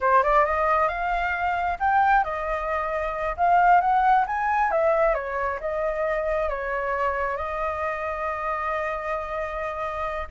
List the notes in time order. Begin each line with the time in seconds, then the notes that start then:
0.01 C5
0.23 D5
0.45 D#5
0.88 F5
1.79 G5
2.24 D#5
3.36 F5
3.80 F#5
4.26 G#5
4.71 E5
5.14 C#5
5.60 D#5
6.49 C#5
7.36 D#5